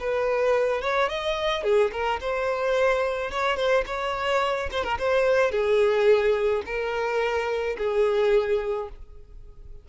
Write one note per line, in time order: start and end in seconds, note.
0.00 0.82 B4
0.82 1.09 C#5
1.09 1.63 D#5
1.63 1.91 G#4
1.92 2.20 A#4
2.21 3.31 C5
3.31 3.57 C#5
3.57 3.85 C5
3.87 4.70 C#5
4.71 4.84 C5
4.84 4.98 A#4
4.98 5.52 C5
5.52 6.63 G#4
6.66 7.77 A#4
7.78 8.89 G#4